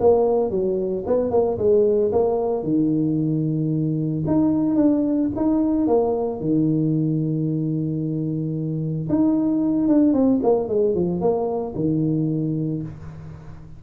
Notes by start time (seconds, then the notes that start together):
0.00 A#3
0.50 F#3
1.07 B3
1.31 A#3
1.58 G#3
2.12 A#3
2.63 D#3
4.27 D#4
4.76 D4
5.36 D#4
5.87 A#3
6.41 D#3
9.09 D#4
9.88 D4
10.13 C4
10.43 A#3
10.69 G#3
10.95 F3
11.21 A#3
11.75 D#3